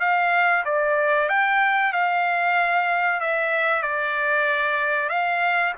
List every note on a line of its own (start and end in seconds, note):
0.00 0.64 F5
0.65 1.29 D5
1.29 1.93 G5
1.93 3.20 F5
3.20 3.82 E5
3.82 5.09 D5
5.09 5.73 F5